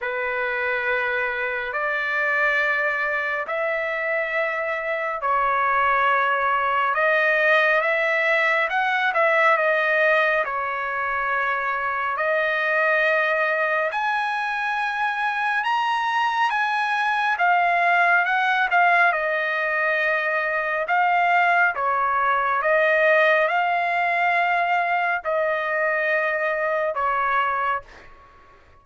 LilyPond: \new Staff \with { instrumentName = "trumpet" } { \time 4/4 \tempo 4 = 69 b'2 d''2 | e''2 cis''2 | dis''4 e''4 fis''8 e''8 dis''4 | cis''2 dis''2 |
gis''2 ais''4 gis''4 | f''4 fis''8 f''8 dis''2 | f''4 cis''4 dis''4 f''4~ | f''4 dis''2 cis''4 | }